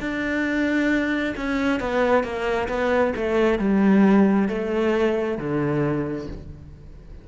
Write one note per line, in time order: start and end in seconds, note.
0.00 1.34 D4
1.37 1.80 C#4
1.80 2.23 B3
2.23 2.68 A#3
2.69 3.13 B3
3.16 3.59 A3
3.59 4.49 G3
4.49 5.38 A3
5.38 6.28 D3